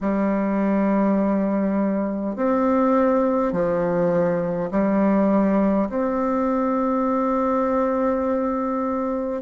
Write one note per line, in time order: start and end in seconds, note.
0.00 2.35 G3
2.35 3.52 C4
3.52 4.70 F3
4.71 5.88 G3
5.89 9.42 C4